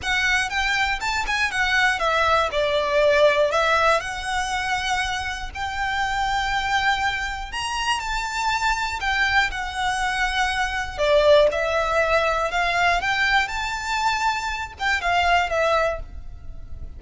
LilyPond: \new Staff \with { instrumentName = "violin" } { \time 4/4 \tempo 4 = 120 fis''4 g''4 a''8 gis''8 fis''4 | e''4 d''2 e''4 | fis''2. g''4~ | g''2. ais''4 |
a''2 g''4 fis''4~ | fis''2 d''4 e''4~ | e''4 f''4 g''4 a''4~ | a''4. g''8 f''4 e''4 | }